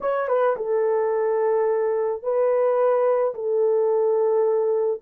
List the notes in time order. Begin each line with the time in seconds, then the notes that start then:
0.01 C#5
0.28 B4
0.56 A4
2.22 B4
3.34 A4